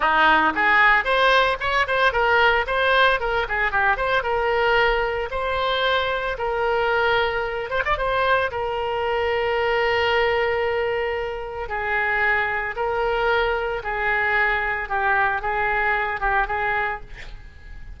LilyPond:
\new Staff \with { instrumentName = "oboe" } { \time 4/4 \tempo 4 = 113 dis'4 gis'4 c''4 cis''8 c''8 | ais'4 c''4 ais'8 gis'8 g'8 c''8 | ais'2 c''2 | ais'2~ ais'8 c''16 d''16 c''4 |
ais'1~ | ais'2 gis'2 | ais'2 gis'2 | g'4 gis'4. g'8 gis'4 | }